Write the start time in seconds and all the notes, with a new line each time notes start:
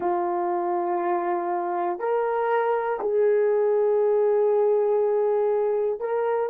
0.00 F4
1.99 A#4
3.00 G#4
6.00 A#4